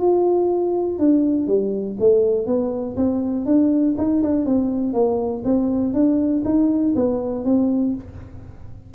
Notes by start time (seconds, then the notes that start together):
0.00 F4
0.99 D4
1.48 G3
2.00 A3
2.47 B3
2.97 C4
3.46 D4
3.98 D#4
4.23 D4
4.46 C4
4.94 A#3
5.45 C4
5.94 D4
6.45 D#4
6.96 B3
7.45 C4